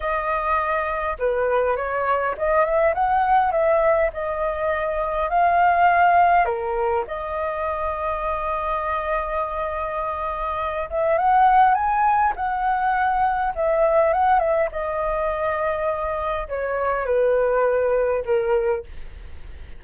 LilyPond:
\new Staff \with { instrumentName = "flute" } { \time 4/4 \tempo 4 = 102 dis''2 b'4 cis''4 | dis''8 e''8 fis''4 e''4 dis''4~ | dis''4 f''2 ais'4 | dis''1~ |
dis''2~ dis''8 e''8 fis''4 | gis''4 fis''2 e''4 | fis''8 e''8 dis''2. | cis''4 b'2 ais'4 | }